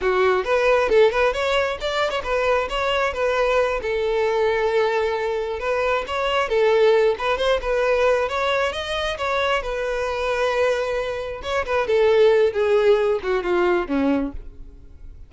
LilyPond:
\new Staff \with { instrumentName = "violin" } { \time 4/4 \tempo 4 = 134 fis'4 b'4 a'8 b'8 cis''4 | d''8. cis''16 b'4 cis''4 b'4~ | b'8 a'2.~ a'8~ | a'8 b'4 cis''4 a'4. |
b'8 c''8 b'4. cis''4 dis''8~ | dis''8 cis''4 b'2~ b'8~ | b'4. cis''8 b'8 a'4. | gis'4. fis'8 f'4 cis'4 | }